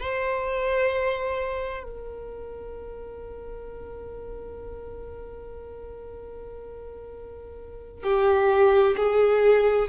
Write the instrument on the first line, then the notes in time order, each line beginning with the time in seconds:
violin
0.00 C5
1.83 A#4
8.03 G4
8.97 G#4